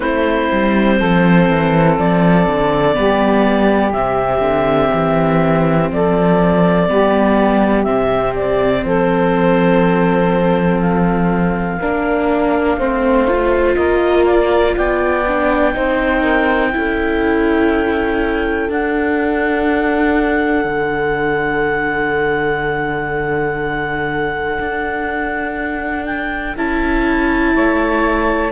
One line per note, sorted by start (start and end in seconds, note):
0.00 0.49 A3
0.00 2.93 C4
0.00 0.96 E4
0.00 1.94 C5
0.52 1.00 G3
0.99 1.49 F3
0.99 2.95 A4
1.49 1.98 E3
1.98 2.47 F3
1.98 3.92 D5
2.47 2.96 D3
2.93 3.93 G3
2.93 3.91 B3
2.93 5.91 G4
3.92 4.40 C3
3.92 6.87 C4
3.92 5.89 E5
4.40 4.89 D3
4.93 5.91 E3
5.91 6.89 F3
5.91 6.89 A4
5.91 7.83 D5
6.87 7.86 G3
6.87 7.85 B3
6.87 8.84 G4
7.83 8.84 C3
7.83 11.79 C4
7.83 8.32 E5
8.35 8.84 D5
8.84 11.79 F3
8.84 11.78 A4
8.84 10.80 C5
10.80 13.74 F5
11.78 12.76 A#3
11.78 12.79 D4
11.78 12.76 A#4
12.76 13.75 A3
12.76 13.28 C4
12.76 13.76 C5
13.28 15.24 F4
13.74 14.75 A#3
13.74 14.74 A#4
13.74 14.24 D#5
14.25 14.74 D5
14.75 15.75 B3
14.75 15.74 D5
14.75 18.70 G5
15.27 15.74 D4
15.74 16.74 C4
15.74 16.72 D#4
15.74 16.20 C5
16.20 16.69 A#4
16.72 18.69 C#4
16.72 18.68 E4
16.72 27.54 A4
18.68 26.55 D4
18.68 20.64 D4
18.68 26.05 F#5
20.64 24.58 D3
24.59 26.56 D4
26.05 26.55 G5
26.56 27.54 C#4
26.56 28.51 E4
26.56 28.51 A5
27.54 28.51 A3
27.54 28.51 C#5